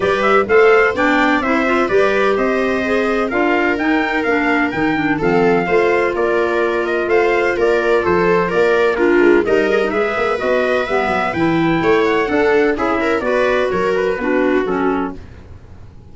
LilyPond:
<<
  \new Staff \with { instrumentName = "trumpet" } { \time 4/4 \tempo 4 = 127 d''8 e''8 f''4 g''4 e''4 | d''4 dis''2 f''4 | g''4 f''4 g''4 f''4~ | f''4 d''4. dis''8 f''4 |
d''4 c''4 d''4 ais'4 | dis''4 e''4 dis''4 e''4 | g''4. fis''4. e''4 | d''4 cis''8 b'4. a'4 | }
  \new Staff \with { instrumentName = "viola" } { \time 4/4 b'4 c''4 d''4 c''4 | b'4 c''2 ais'4~ | ais'2. a'4 | c''4 ais'2 c''4 |
ais'4 a'4 ais'4 f'4 | ais'4 b'2.~ | b'4 cis''4 a'4 gis'8 ais'8 | b'4 ais'4 fis'2 | }
  \new Staff \with { instrumentName = "clarinet" } { \time 4/4 g'4 a'4 d'4 e'8 f'8 | g'2 gis'4 f'4 | dis'4 d'4 dis'8 d'8 c'4 | f'1~ |
f'2. d'4 | dis'8 gis'16 dis'16 gis'4 fis'4 b4 | e'2 d'4 e'4 | fis'2 d'4 cis'4 | }
  \new Staff \with { instrumentName = "tuba" } { \time 4/4 g4 a4 b4 c'4 | g4 c'2 d'4 | dis'4 ais4 dis4 f4 | a4 ais2 a4 |
ais4 f4 ais4. gis8 | g4 gis8 ais8 b4 g8 fis8 | e4 a4 d'4 cis'4 | b4 fis4 b4 fis4 | }
>>